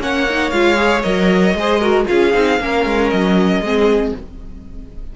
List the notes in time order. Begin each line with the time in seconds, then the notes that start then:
0.00 A#3 C#4 C#5 F#5
0.30 D#4
0.51 G#3 F4 F5
0.77 G#4
1.02 F#3 A#4 D#5
1.54 G#3 G#4 C5
1.80 F#4 A#4
2.05 C#4 F4 G#4 F5
2.34 C4 D#4
2.60 A#3 C#4 A#4
2.85 G#3
3.10 F#3 D#5
3.61 G#3 C4 G#4